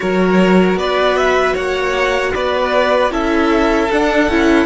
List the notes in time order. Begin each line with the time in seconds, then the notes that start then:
0.00 F#3 F#4 A#4 C#5
0.75 B3 B4 D5
1.17 E5
1.53 A#3 C#5 F#5
2.34 B3 B4 D5
3.10 C#4 E4 A4 E5
3.91 D4 F#5
4.28 C#4 E4